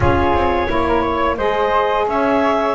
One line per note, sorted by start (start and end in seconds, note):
0.00 0.32 C#4
0.00 0.67 F4
0.00 0.70 G#4
0.00 1.37 C#5
0.32 0.67 C4
0.67 1.38 A#3
0.67 1.36 E4
0.67 0.88 C#5
0.88 1.01 A#4
1.01 1.36 C#5
1.37 2.07 G#3
1.37 2.74 G#4
1.37 2.06 C5
1.37 2.06 D#5
2.07 2.74 C#4
2.07 2.74 C#5
2.07 2.74 E5